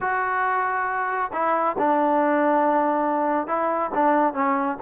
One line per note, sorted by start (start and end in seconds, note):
0.01 1.31 F#4
1.32 1.76 E4
1.78 3.47 D4
3.47 3.90 E4
3.94 4.33 D4
4.33 4.77 C#4